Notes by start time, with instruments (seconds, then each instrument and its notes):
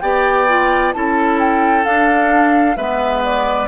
0.00 bassoon B3, clarinet G4, oboe D5, flute G5
0.48 clarinet F4
0.92 bassoon C#4, clarinet E4, oboe A4, flute A5
1.39 flute G5
1.84 clarinet D4, bassoon D4, flute F5
2.76 bassoon G#3, clarinet B3, oboe B4, flute E5
3.24 flute D5